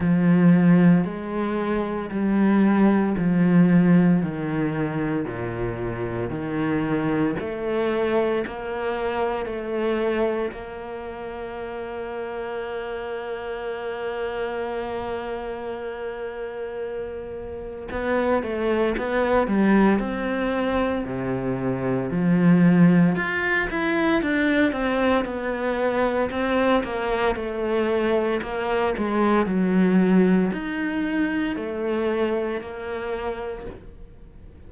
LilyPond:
\new Staff \with { instrumentName = "cello" } { \time 4/4 \tempo 4 = 57 f4 gis4 g4 f4 | dis4 ais,4 dis4 a4 | ais4 a4 ais2~ | ais1~ |
ais4 b8 a8 b8 g8 c'4 | c4 f4 f'8 e'8 d'8 c'8 | b4 c'8 ais8 a4 ais8 gis8 | fis4 dis'4 a4 ais4 | }